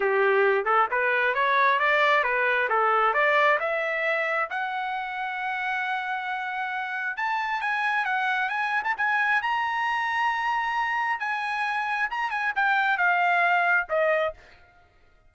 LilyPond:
\new Staff \with { instrumentName = "trumpet" } { \time 4/4 \tempo 4 = 134 g'4. a'8 b'4 cis''4 | d''4 b'4 a'4 d''4 | e''2 fis''2~ | fis''1 |
a''4 gis''4 fis''4 gis''8. a''16 | gis''4 ais''2.~ | ais''4 gis''2 ais''8 gis''8 | g''4 f''2 dis''4 | }